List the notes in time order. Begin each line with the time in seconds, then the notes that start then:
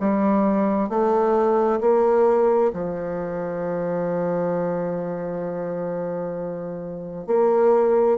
0.00 G3
0.89 A3
1.81 A#3
2.74 F3
7.27 A#3